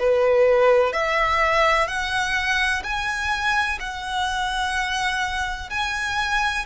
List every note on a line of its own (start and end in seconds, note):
0.00 0.93 B4
0.93 1.88 E5
1.88 2.83 F#5
2.84 3.79 G#5
3.80 5.71 F#5
5.71 6.66 G#5